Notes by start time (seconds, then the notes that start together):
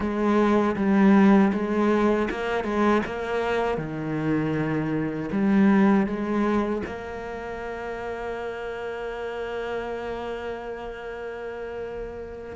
0.00 G#3
0.76 G3
1.53 G#3
2.30 A#3
2.64 G#3
3.06 A#3
3.77 D#3
5.31 G3
6.06 G#3
6.86 A#3